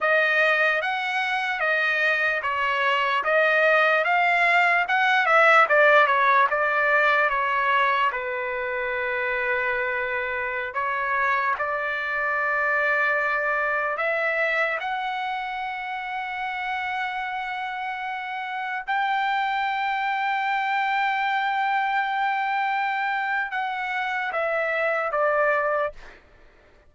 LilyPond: \new Staff \with { instrumentName = "trumpet" } { \time 4/4 \tempo 4 = 74 dis''4 fis''4 dis''4 cis''4 | dis''4 f''4 fis''8 e''8 d''8 cis''8 | d''4 cis''4 b'2~ | b'4~ b'16 cis''4 d''4.~ d''16~ |
d''4~ d''16 e''4 fis''4.~ fis''16~ | fis''2.~ fis''16 g''8.~ | g''1~ | g''4 fis''4 e''4 d''4 | }